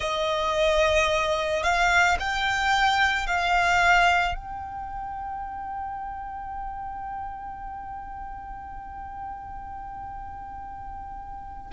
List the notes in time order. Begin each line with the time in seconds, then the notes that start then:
0.00 D#5
1.63 F5
2.19 G5
3.27 F5
4.35 G5